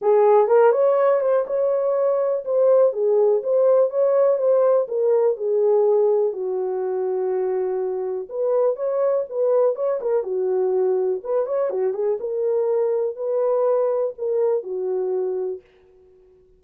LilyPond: \new Staff \with { instrumentName = "horn" } { \time 4/4 \tempo 4 = 123 gis'4 ais'8 cis''4 c''8 cis''4~ | cis''4 c''4 gis'4 c''4 | cis''4 c''4 ais'4 gis'4~ | gis'4 fis'2.~ |
fis'4 b'4 cis''4 b'4 | cis''8 ais'8 fis'2 b'8 cis''8 | fis'8 gis'8 ais'2 b'4~ | b'4 ais'4 fis'2 | }